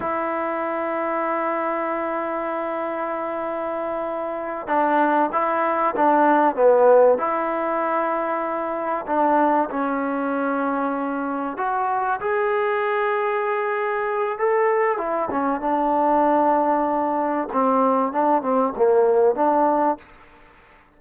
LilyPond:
\new Staff \with { instrumentName = "trombone" } { \time 4/4 \tempo 4 = 96 e'1~ | e'2.~ e'8 d'8~ | d'8 e'4 d'4 b4 e'8~ | e'2~ e'8 d'4 cis'8~ |
cis'2~ cis'8 fis'4 gis'8~ | gis'2. a'4 | e'8 cis'8 d'2. | c'4 d'8 c'8 ais4 d'4 | }